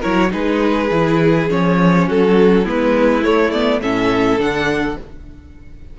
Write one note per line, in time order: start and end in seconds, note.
0.00 0.33 F#3
0.00 0.29 E4
0.00 0.29 A#4
0.00 0.32 C#5
0.29 0.91 G#3
0.29 0.88 D#4
0.29 2.07 G#4
0.29 1.49 B4
0.91 1.49 E3
0.91 1.49 E4
1.49 2.08 F3
1.49 2.65 C#4
1.49 2.09 C#5
2.07 2.67 F#3
2.07 2.63 F#4
2.07 2.67 A4
2.63 3.25 G#3
2.63 3.22 B3
2.63 3.80 E4
2.63 3.24 B4
3.22 3.51 A3
3.22 3.81 A3
3.22 3.51 C#5
3.51 3.81 B3
3.51 3.80 D5
3.81 4.38 A2
3.81 4.39 C#4
3.81 4.97 A4
3.81 4.40 E5
4.38 4.97 D3
4.38 4.97 D4
4.38 4.99 F#5